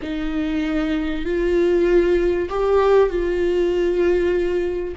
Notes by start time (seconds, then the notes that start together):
0.02 D#4
1.25 F4
2.49 G4
3.09 F4